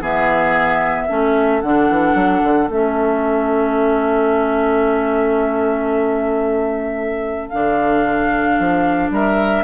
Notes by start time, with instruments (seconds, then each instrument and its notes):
0.00 bassoon E3, clarinet B3, oboe G#4, flute E5
1.07 bassoon A3, clarinet C#4, oboe A4
1.61 bassoon D3, clarinet D4, flute F#5
1.89 bassoon E3
2.14 bassoon F#3
2.43 bassoon D3
2.68 bassoon A3, clarinet C#4, flute E5
7.49 bassoon D3, clarinet D4, flute F5
8.59 bassoon F3
9.10 bassoon G3, oboe A#4, flute E5